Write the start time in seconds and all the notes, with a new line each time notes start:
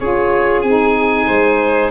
0.00 C#4 F4 G#4 C#5
0.62 C4 D#4 G#5
1.27 G#3 C5